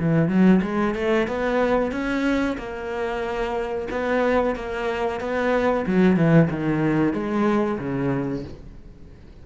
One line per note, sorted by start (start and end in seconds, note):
0.00 0.29 E3
0.29 0.61 F#3
0.63 0.95 G#3
0.95 1.28 A3
1.28 1.92 B3
1.92 2.57 C#4
2.58 3.89 A#3
3.91 4.56 B3
4.56 5.21 A#3
5.21 5.86 B3
5.87 6.17 F#3
6.17 6.50 E3
6.50 7.14 D#3
7.14 7.79 G#3
7.79 8.44 C#3